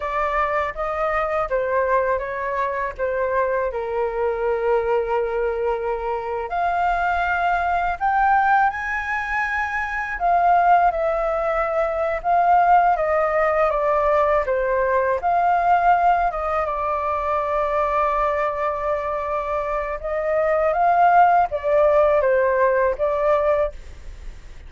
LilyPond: \new Staff \with { instrumentName = "flute" } { \time 4/4 \tempo 4 = 81 d''4 dis''4 c''4 cis''4 | c''4 ais'2.~ | ais'8. f''2 g''4 gis''16~ | gis''4.~ gis''16 f''4 e''4~ e''16~ |
e''8 f''4 dis''4 d''4 c''8~ | c''8 f''4. dis''8 d''4.~ | d''2. dis''4 | f''4 d''4 c''4 d''4 | }